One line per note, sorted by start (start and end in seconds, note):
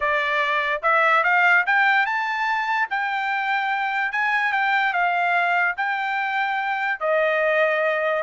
0.00 0.81 D5
0.82 1.23 E5
1.23 1.64 F5
1.66 2.05 G5
2.05 2.88 A5
2.90 4.12 G5
4.12 4.52 G#5
4.52 4.93 G5
4.93 5.75 F5
5.76 7.00 G5
7.00 8.23 D#5